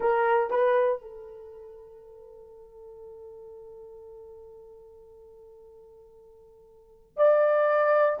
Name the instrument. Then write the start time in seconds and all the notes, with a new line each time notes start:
horn
0.00 A#4
0.50 B4
1.01 A4
7.17 D5